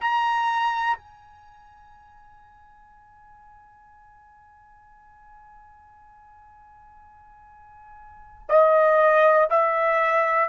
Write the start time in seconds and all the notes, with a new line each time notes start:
0.00 A#5
0.97 G#5
8.49 D#5
9.50 E5